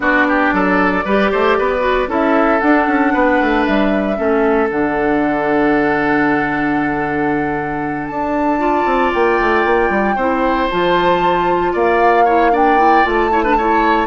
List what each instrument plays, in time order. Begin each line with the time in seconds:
0.00 bassoon B3, clarinet D4, oboe F#4, flute D5
0.28 oboe G4
0.52 bassoon F#3, oboe A4
1.04 bassoon G3, clarinet G4, oboe B4
1.31 bassoon A3, oboe C5
1.58 bassoon B3, oboe B4
1.79 clarinet F#4
2.07 bassoon C#4, clarinet E4, oboe A4, flute E5
2.60 clarinet D4, bassoon D4, flute F#5
2.87 bassoon C#4
3.13 bassoon B3, oboe B4
3.40 bassoon A3
3.65 bassoon G3, flute E5
4.16 bassoon A3, clarinet C#4, oboe A4
4.70 bassoon D3, clarinet D4, flute F#5
8.07 bassoon D4, flute A5
8.59 clarinet F4, oboe D5
8.85 bassoon C4
9.13 bassoon A#3, flute G5
9.40 bassoon A3
9.64 bassoon A#3
9.89 bassoon G3
10.15 bassoon C4, clarinet E4, oboe C5
10.69 bassoon F3, clarinet F4, flute A5
11.72 bassoon A#3, oboe D5, flute F5
12.24 clarinet E4, oboe C#5
12.52 clarinet D4, oboe D5, flute G5
12.77 clarinet E4
13.03 bassoon A3, clarinet F4, flute A5
13.31 clarinet E4, oboe C#5
13.43 clarinet D4, oboe B4
13.57 clarinet E4, oboe C#5